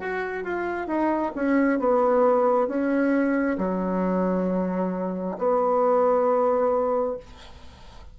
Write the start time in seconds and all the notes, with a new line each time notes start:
0.00 F#4
0.44 F4
0.88 D#4
1.36 C#4
1.80 B3
2.68 C#4
3.58 F#3
5.39 B3